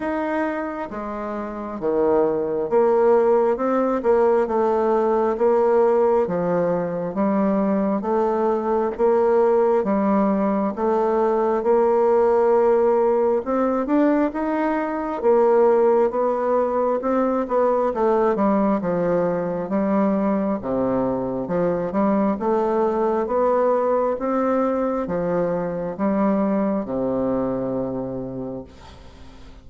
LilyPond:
\new Staff \with { instrumentName = "bassoon" } { \time 4/4 \tempo 4 = 67 dis'4 gis4 dis4 ais4 | c'8 ais8 a4 ais4 f4 | g4 a4 ais4 g4 | a4 ais2 c'8 d'8 |
dis'4 ais4 b4 c'8 b8 | a8 g8 f4 g4 c4 | f8 g8 a4 b4 c'4 | f4 g4 c2 | }